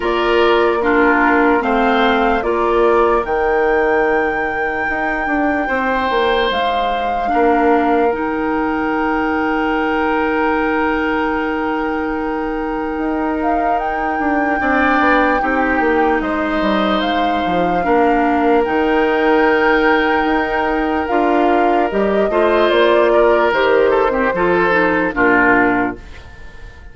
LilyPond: <<
  \new Staff \with { instrumentName = "flute" } { \time 4/4 \tempo 4 = 74 d''4 ais'4 f''4 d''4 | g''1 | f''2 g''2~ | g''1~ |
g''8 f''8 g''2. | dis''4 f''2 g''4~ | g''2 f''4 dis''4 | d''4 c''2 ais'4 | }
  \new Staff \with { instrumentName = "oboe" } { \time 4/4 ais'4 f'4 c''4 ais'4~ | ais'2. c''4~ | c''4 ais'2.~ | ais'1~ |
ais'2 d''4 g'4 | c''2 ais'2~ | ais'2.~ ais'8 c''8~ | c''8 ais'4 a'16 g'16 a'4 f'4 | }
  \new Staff \with { instrumentName = "clarinet" } { \time 4/4 f'4 d'4 c'4 f'4 | dis'1~ | dis'4 d'4 dis'2~ | dis'1~ |
dis'2 d'4 dis'4~ | dis'2 d'4 dis'4~ | dis'2 f'4 g'8 f'8~ | f'4 g'8. c'16 f'8 dis'8 d'4 | }
  \new Staff \with { instrumentName = "bassoon" } { \time 4/4 ais2 a4 ais4 | dis2 dis'8 d'8 c'8 ais8 | gis4 ais4 dis2~ | dis1 |
dis'4. d'8 c'8 b8 c'8 ais8 | gis8 g8 gis8 f8 ais4 dis4~ | dis4 dis'4 d'4 g8 a8 | ais4 dis4 f4 ais,4 | }
>>